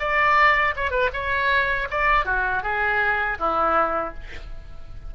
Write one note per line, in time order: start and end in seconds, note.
0.00 0.75 D5
0.76 0.91 C#5
0.91 1.10 B4
1.14 1.89 C#5
1.91 2.26 D5
2.26 2.63 F#4
2.63 3.38 G#4
3.39 4.14 E4